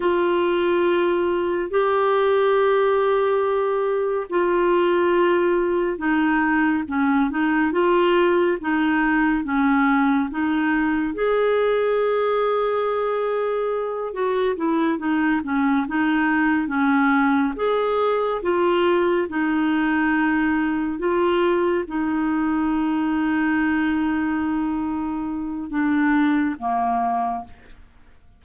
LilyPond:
\new Staff \with { instrumentName = "clarinet" } { \time 4/4 \tempo 4 = 70 f'2 g'2~ | g'4 f'2 dis'4 | cis'8 dis'8 f'4 dis'4 cis'4 | dis'4 gis'2.~ |
gis'8 fis'8 e'8 dis'8 cis'8 dis'4 cis'8~ | cis'8 gis'4 f'4 dis'4.~ | dis'8 f'4 dis'2~ dis'8~ | dis'2 d'4 ais4 | }